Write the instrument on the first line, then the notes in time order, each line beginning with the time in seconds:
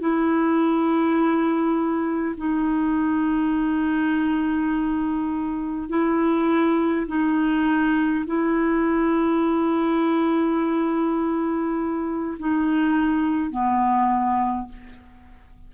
clarinet
0.00 E4
2.37 D#4
5.89 E4
7.07 D#4
8.26 E4
12.39 D#4
13.51 B3